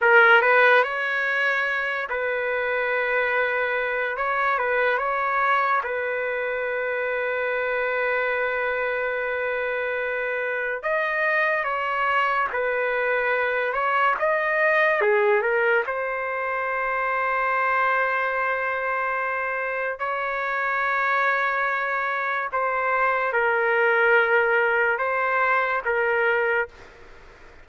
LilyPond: \new Staff \with { instrumentName = "trumpet" } { \time 4/4 \tempo 4 = 72 ais'8 b'8 cis''4. b'4.~ | b'4 cis''8 b'8 cis''4 b'4~ | b'1~ | b'4 dis''4 cis''4 b'4~ |
b'8 cis''8 dis''4 gis'8 ais'8 c''4~ | c''1 | cis''2. c''4 | ais'2 c''4 ais'4 | }